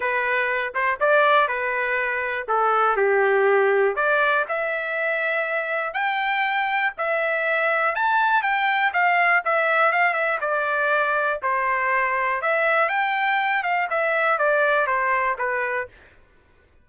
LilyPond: \new Staff \with { instrumentName = "trumpet" } { \time 4/4 \tempo 4 = 121 b'4. c''8 d''4 b'4~ | b'4 a'4 g'2 | d''4 e''2. | g''2 e''2 |
a''4 g''4 f''4 e''4 | f''8 e''8 d''2 c''4~ | c''4 e''4 g''4. f''8 | e''4 d''4 c''4 b'4 | }